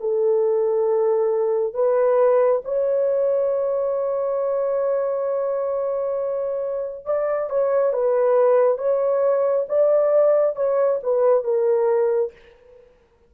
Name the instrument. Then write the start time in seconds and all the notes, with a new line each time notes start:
horn
0.00 A4
1.74 B4
2.65 C#5
7.05 D5
7.50 C#5
7.93 B4
8.78 C#5
9.68 D5
10.56 C#5
11.03 B4
11.44 A#4